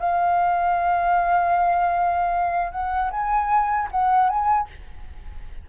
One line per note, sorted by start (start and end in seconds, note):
0.00 2.72 F5
2.72 3.11 F#5
3.11 3.89 G#5
3.92 4.29 F#5
4.29 4.68 G#5